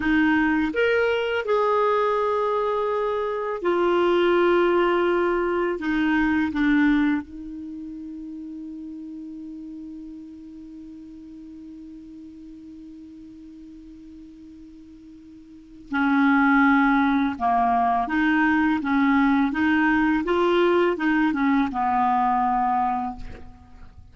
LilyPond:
\new Staff \with { instrumentName = "clarinet" } { \time 4/4 \tempo 4 = 83 dis'4 ais'4 gis'2~ | gis'4 f'2. | dis'4 d'4 dis'2~ | dis'1~ |
dis'1~ | dis'2 cis'2 | ais4 dis'4 cis'4 dis'4 | f'4 dis'8 cis'8 b2 | }